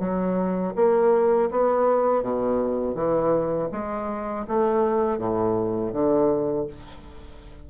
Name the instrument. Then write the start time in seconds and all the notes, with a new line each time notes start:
bassoon
0.00 F#3
0.76 A#3
1.51 B3
2.23 B2
2.95 E3
3.72 G#3
4.48 A3
5.19 A2
5.93 D3